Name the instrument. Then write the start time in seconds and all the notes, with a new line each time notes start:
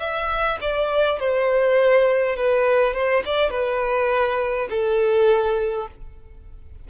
violin
0.00 E5
0.61 D5
1.20 C5
2.36 B4
2.94 C5
3.26 D5
3.50 B4
4.70 A4